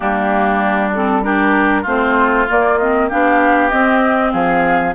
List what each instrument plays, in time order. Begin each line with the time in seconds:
0.00 bassoon G3, clarinet A#3, oboe D4, flute G4
0.93 clarinet C4, flute A4
1.22 clarinet D4, oboe G4, flute A#4
1.82 bassoon A3, clarinet C4, oboe F4, flute C5
2.48 clarinet A#3, bassoon A#3, flute D5
2.77 clarinet C4, flute D#5
3.08 bassoon B3, clarinet D4, oboe G4, flute F5
3.69 clarinet C4, bassoon C4, flute D#5
4.32 bassoon F3, oboe G#4, flute F5